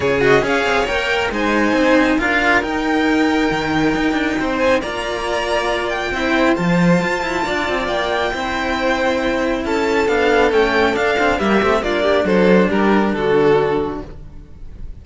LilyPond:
<<
  \new Staff \with { instrumentName = "violin" } { \time 4/4 \tempo 4 = 137 cis''8 dis''8 f''4 g''4 gis''4~ | gis''4 f''4 g''2~ | g''2~ g''8 gis''8 ais''4~ | ais''4. g''4. a''4~ |
a''2 g''2~ | g''2 a''4 f''4 | g''4 f''4 e''4 d''4 | c''4 ais'4 a'2 | }
  \new Staff \with { instrumentName = "violin" } { \time 4/4 gis'4 cis''2 c''4~ | c''4 ais'2.~ | ais'2 c''4 d''4~ | d''2 c''2~ |
c''4 d''2 c''4~ | c''2 a'2~ | a'2 g'4 f'8 g'8 | a'4 g'4 fis'2 | }
  \new Staff \with { instrumentName = "cello" } { \time 4/4 f'8 fis'8 gis'4 ais'4 dis'4~ | dis'4 f'4 dis'2~ | dis'2. f'4~ | f'2 e'4 f'4~ |
f'2. e'4~ | e'2. d'4 | cis'4 d'8 c'8 ais8 c'8 d'4~ | d'1 | }
  \new Staff \with { instrumentName = "cello" } { \time 4/4 cis4 cis'8 c'8 ais4 gis4 | c'4 d'4 dis'2 | dis4 dis'8 d'8 c'4 ais4~ | ais2 c'4 f4 |
f'8 e'8 d'8 c'8 ais4 c'4~ | c'2 cis'4 b4 | a4 d'4 g8 a8 ais4 | fis4 g4 d2 | }
>>